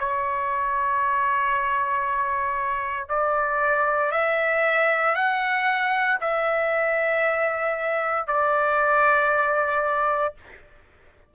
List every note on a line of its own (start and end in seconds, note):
0.00 3.09 C#5
3.09 4.12 D5
4.12 5.15 E5
5.15 6.19 F#5
6.21 8.28 E5
8.28 10.34 D5